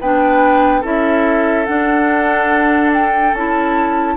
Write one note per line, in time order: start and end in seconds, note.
0.00 0.83 B3
0.00 0.82 D4
0.00 0.81 B4
0.00 0.84 G5
0.81 1.67 C#4
0.81 1.66 E4
0.81 4.14 A4
0.81 1.65 E5
1.65 3.33 D4
1.65 2.90 F#5
2.93 3.34 G5
3.33 4.16 C#4
3.33 4.17 E4
3.33 4.17 A5